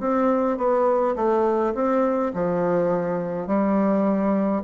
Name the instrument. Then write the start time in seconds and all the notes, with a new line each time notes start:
bassoon
0.00 C4
0.57 B3
1.16 A3
1.75 C4
2.33 F3
3.47 G3